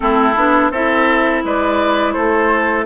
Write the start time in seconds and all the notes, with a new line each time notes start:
0.00 A3 C4 E4 A4
0.35 B3 D4
0.71 C4 E4 A4 E5
1.44 G#3 B4 D5
2.12 A3 A4 C5